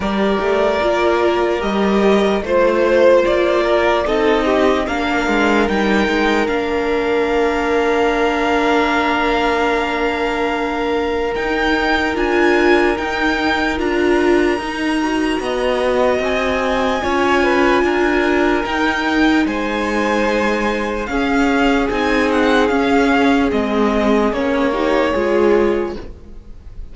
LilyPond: <<
  \new Staff \with { instrumentName = "violin" } { \time 4/4 \tempo 4 = 74 d''2 dis''4 c''4 | d''4 dis''4 f''4 g''4 | f''1~ | f''2 g''4 gis''4 |
g''4 ais''2. | gis''2. g''4 | gis''2 f''4 gis''8 fis''8 | f''4 dis''4 cis''2 | }
  \new Staff \with { instrumentName = "violin" } { \time 4/4 ais'2. c''4~ | c''8 ais'8 a'8 g'8 ais'2~ | ais'1~ | ais'1~ |
ais'2. dis''4~ | dis''4 cis''8 b'8 ais'2 | c''2 gis'2~ | gis'2~ gis'8 g'8 gis'4 | }
  \new Staff \with { instrumentName = "viola" } { \time 4/4 g'4 f'4 g'4 f'4~ | f'4 dis'4 d'4 dis'4 | d'1~ | d'2 dis'4 f'4 |
dis'4 f'4 dis'8 fis'4.~ | fis'4 f'2 dis'4~ | dis'2 cis'4 dis'4 | cis'4 c'4 cis'8 dis'8 f'4 | }
  \new Staff \with { instrumentName = "cello" } { \time 4/4 g8 a8 ais4 g4 a4 | ais4 c'4 ais8 gis8 g8 gis8 | ais1~ | ais2 dis'4 d'4 |
dis'4 d'4 dis'4 b4 | c'4 cis'4 d'4 dis'4 | gis2 cis'4 c'4 | cis'4 gis4 ais4 gis4 | }
>>